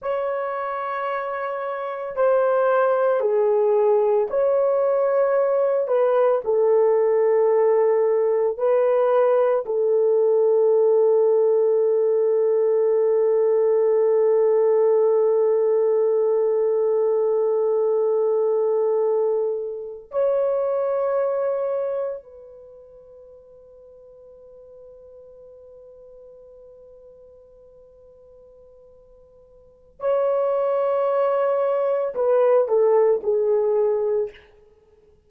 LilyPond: \new Staff \with { instrumentName = "horn" } { \time 4/4 \tempo 4 = 56 cis''2 c''4 gis'4 | cis''4. b'8 a'2 | b'4 a'2.~ | a'1~ |
a'2~ a'8. cis''4~ cis''16~ | cis''8. b'2.~ b'16~ | b'1 | cis''2 b'8 a'8 gis'4 | }